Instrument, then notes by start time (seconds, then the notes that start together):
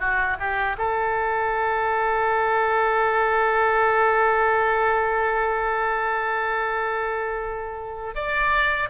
oboe
0.00 F#4
0.39 G4
0.78 A4
8.15 D5